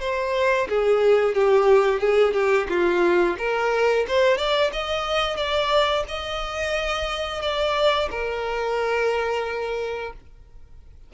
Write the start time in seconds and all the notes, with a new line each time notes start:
0.00 C5
0.68 G#4
1.34 G4
1.99 G#4
2.33 G4
2.69 F4
3.38 A#4
4.07 C5
4.37 D5
4.72 D#5
5.36 D5
6.08 D#5
7.41 D5
8.10 A#4